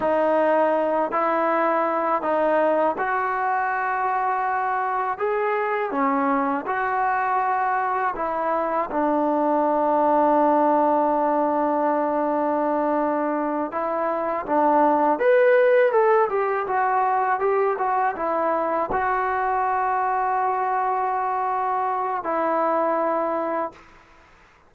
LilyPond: \new Staff \with { instrumentName = "trombone" } { \time 4/4 \tempo 4 = 81 dis'4. e'4. dis'4 | fis'2. gis'4 | cis'4 fis'2 e'4 | d'1~ |
d'2~ d'8 e'4 d'8~ | d'8 b'4 a'8 g'8 fis'4 g'8 | fis'8 e'4 fis'2~ fis'8~ | fis'2 e'2 | }